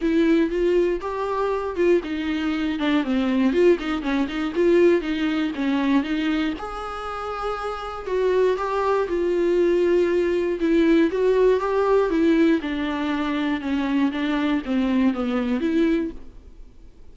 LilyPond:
\new Staff \with { instrumentName = "viola" } { \time 4/4 \tempo 4 = 119 e'4 f'4 g'4. f'8 | dis'4. d'8 c'4 f'8 dis'8 | cis'8 dis'8 f'4 dis'4 cis'4 | dis'4 gis'2. |
fis'4 g'4 f'2~ | f'4 e'4 fis'4 g'4 | e'4 d'2 cis'4 | d'4 c'4 b4 e'4 | }